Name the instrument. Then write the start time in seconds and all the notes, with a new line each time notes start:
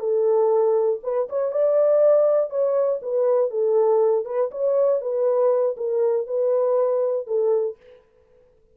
horn
0.00 A4
1.04 B4
1.30 C#5
1.52 D5
2.50 C#5
3.02 B4
3.51 A4
4.26 B4
4.52 C#5
5.02 B4
5.77 A#4
6.27 B4
7.27 A4